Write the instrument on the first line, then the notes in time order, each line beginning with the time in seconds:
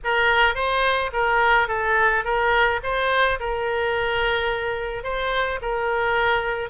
oboe
0.04 A#4
0.54 C5
1.12 A#4
1.68 A4
2.24 A#4
2.83 C5
3.39 A#4
5.03 C5
5.61 A#4